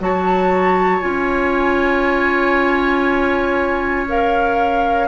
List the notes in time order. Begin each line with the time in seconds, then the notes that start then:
0.00 F#3 F#4 C#5 A5
1.01 C#4 F4 G#5
4.08 A#4 F5